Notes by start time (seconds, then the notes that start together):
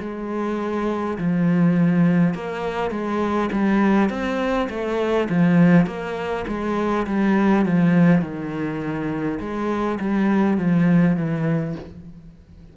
0.00 G#3
1.18 F3
2.34 A#3
2.90 G#3
3.51 G3
4.09 C4
4.70 A3
5.29 F3
5.86 A#3
6.47 G#3
7.06 G3
7.65 F3
8.21 D#3
9.40 G#3
9.99 G3
10.57 F3
11.16 E3